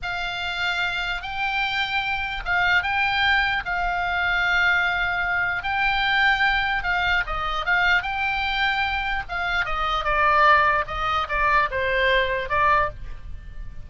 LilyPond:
\new Staff \with { instrumentName = "oboe" } { \time 4/4 \tempo 4 = 149 f''2. g''4~ | g''2 f''4 g''4~ | g''4 f''2.~ | f''2 g''2~ |
g''4 f''4 dis''4 f''4 | g''2. f''4 | dis''4 d''2 dis''4 | d''4 c''2 d''4 | }